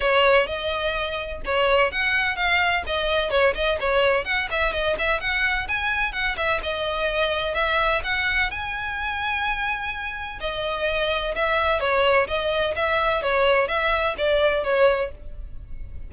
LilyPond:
\new Staff \with { instrumentName = "violin" } { \time 4/4 \tempo 4 = 127 cis''4 dis''2 cis''4 | fis''4 f''4 dis''4 cis''8 dis''8 | cis''4 fis''8 e''8 dis''8 e''8 fis''4 | gis''4 fis''8 e''8 dis''2 |
e''4 fis''4 gis''2~ | gis''2 dis''2 | e''4 cis''4 dis''4 e''4 | cis''4 e''4 d''4 cis''4 | }